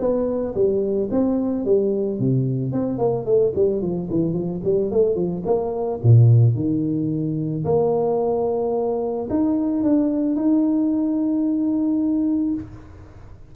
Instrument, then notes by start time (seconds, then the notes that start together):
tuba
0.00 B3
0.55 G3
1.11 C4
1.65 G3
2.20 C3
2.72 C4
2.99 A#3
3.26 A3
3.56 G3
3.82 F3
4.11 E3
4.34 F3
4.64 G3
4.92 A3
5.16 F3
5.46 A#3
6.03 A#2
6.56 D#3
7.65 A#3
9.30 D#4
9.84 D4
10.36 D#4